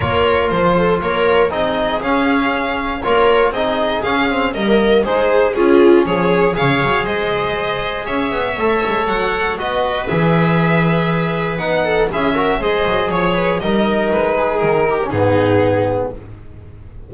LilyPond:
<<
  \new Staff \with { instrumentName = "violin" } { \time 4/4 \tempo 4 = 119 cis''4 c''4 cis''4 dis''4 | f''2 cis''4 dis''4 | f''4 dis''4 c''4 gis'4 | cis''4 f''4 dis''2 |
e''2 fis''4 dis''4 | e''2. fis''4 | e''4 dis''4 cis''4 dis''4 | b'4 ais'4 gis'2 | }
  \new Staff \with { instrumentName = "viola" } { \time 4/4 ais'4. a'8 ais'4 gis'4~ | gis'2 ais'4 gis'4~ | gis'4 ais'4 gis'4 f'4 | gis'4 cis''4 c''2 |
cis''2. b'4~ | b'2.~ b'8 a'8 | gis'8 ais'8 c''4 cis''8 b'8 ais'4~ | ais'8 gis'4 g'8 dis'2 | }
  \new Staff \with { instrumentName = "trombone" } { \time 4/4 f'2. dis'4 | cis'2 f'4 dis'4 | cis'8 c'8 ais4 dis'4 cis'4~ | cis'4 gis'2.~ |
gis'4 a'2 fis'4 | gis'2. dis'4 | e'8 fis'8 gis'2 dis'4~ | dis'4.~ dis'16 cis'16 b2 | }
  \new Staff \with { instrumentName = "double bass" } { \time 4/4 ais4 f4 ais4 c'4 | cis'2 ais4 c'4 | cis'4 g4 gis4 cis'4 | f4 cis8 fis8 gis2 |
cis'8 b8 a8 gis8 fis4 b4 | e2. b4 | cis'4 gis8 fis8 f4 g4 | gis4 dis4 gis,2 | }
>>